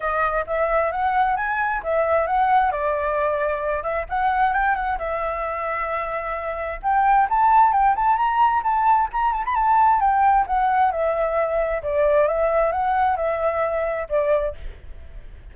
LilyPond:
\new Staff \with { instrumentName = "flute" } { \time 4/4 \tempo 4 = 132 dis''4 e''4 fis''4 gis''4 | e''4 fis''4 d''2~ | d''8 e''8 fis''4 g''8 fis''8 e''4~ | e''2. g''4 |
a''4 g''8 a''8 ais''4 a''4 | ais''8 a''16 b''16 a''4 g''4 fis''4 | e''2 d''4 e''4 | fis''4 e''2 d''4 | }